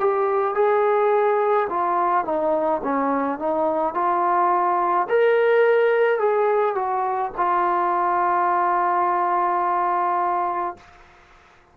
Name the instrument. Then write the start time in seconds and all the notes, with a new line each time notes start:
trombone
0.00 G4
0.55 G#4
1.70 F4
2.25 D#4
2.84 C#4
3.40 D#4
3.95 F4
5.09 A#4
6.20 G#4
6.76 F#4
7.37 F4